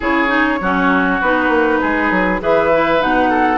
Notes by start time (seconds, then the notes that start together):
0.00 C#3 E4 G#4 C#5
0.28 D#4
0.60 F#3 C#4 F#4
1.21 B3 D#4 B4
1.48 A#3
1.80 G#3 G#4
2.10 F#3
2.40 E3 G#4 B4 E5
2.72 E4
2.99 B2 D#4 F#5
3.29 A4